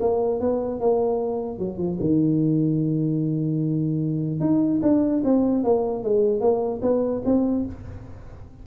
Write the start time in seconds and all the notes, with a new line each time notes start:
0.00 A#3
0.40 B3
0.80 A#3
1.58 F#3
1.78 F3
2.00 D#3
4.40 D#4
4.82 D4
5.24 C4
5.63 A#3
6.03 G#3
6.40 A#3
6.82 B3
7.25 C4